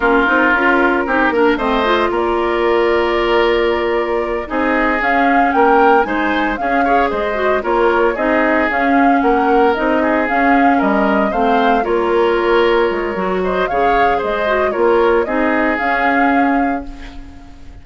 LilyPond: <<
  \new Staff \with { instrumentName = "flute" } { \time 4/4 \tempo 4 = 114 ais'2. dis''4 | d''1~ | d''8 dis''4 f''4 g''4 gis''8~ | gis''8 f''4 dis''4 cis''4 dis''8~ |
dis''8 f''4 fis''4 dis''4 f''8~ | f''8 dis''4 f''4 cis''4.~ | cis''4. dis''8 f''4 dis''4 | cis''4 dis''4 f''2 | }
  \new Staff \with { instrumentName = "oboe" } { \time 4/4 f'2 g'8 ais'8 c''4 | ais'1~ | ais'8 gis'2 ais'4 c''8~ | c''8 gis'8 cis''8 c''4 ais'4 gis'8~ |
gis'4. ais'4. gis'4~ | gis'8 ais'4 c''4 ais'4.~ | ais'4. c''8 cis''4 c''4 | ais'4 gis'2. | }
  \new Staff \with { instrumentName = "clarinet" } { \time 4/4 cis'8 dis'8 f'4 dis'8 d'8 c'8 f'8~ | f'1~ | f'8 dis'4 cis'2 dis'8~ | dis'8 cis'8 gis'4 fis'8 f'4 dis'8~ |
dis'8 cis'2 dis'4 cis'8~ | cis'4. c'4 f'4.~ | f'4 fis'4 gis'4. fis'8 | f'4 dis'4 cis'2 | }
  \new Staff \with { instrumentName = "bassoon" } { \time 4/4 ais8 c'8 cis'4 c'8 ais8 a4 | ais1~ | ais8 c'4 cis'4 ais4 gis8~ | gis8 cis'4 gis4 ais4 c'8~ |
c'8 cis'4 ais4 c'4 cis'8~ | cis'8 g4 a4 ais4.~ | ais8 gis8 fis4 cis4 gis4 | ais4 c'4 cis'2 | }
>>